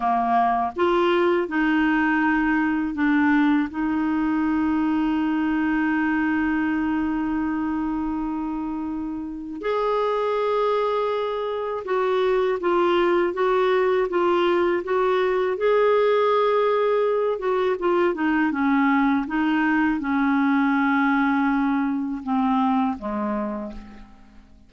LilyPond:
\new Staff \with { instrumentName = "clarinet" } { \time 4/4 \tempo 4 = 81 ais4 f'4 dis'2 | d'4 dis'2.~ | dis'1~ | dis'4 gis'2. |
fis'4 f'4 fis'4 f'4 | fis'4 gis'2~ gis'8 fis'8 | f'8 dis'8 cis'4 dis'4 cis'4~ | cis'2 c'4 gis4 | }